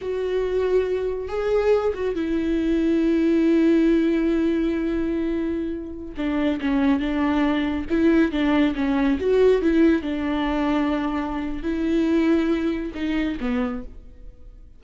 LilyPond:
\new Staff \with { instrumentName = "viola" } { \time 4/4 \tempo 4 = 139 fis'2. gis'4~ | gis'8 fis'8 e'2.~ | e'1~ | e'2~ e'16 d'4 cis'8.~ |
cis'16 d'2 e'4 d'8.~ | d'16 cis'4 fis'4 e'4 d'8.~ | d'2. e'4~ | e'2 dis'4 b4 | }